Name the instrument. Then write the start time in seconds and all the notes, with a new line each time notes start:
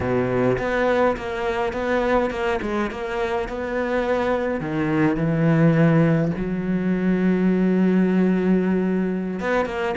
cello
0.00 B2
0.58 B3
1.16 A#3
1.73 B3
2.30 A#3
2.61 G#3
2.90 A#3
3.48 B3
4.60 D#3
5.16 E3
6.37 F#3
9.39 B3
9.65 A#3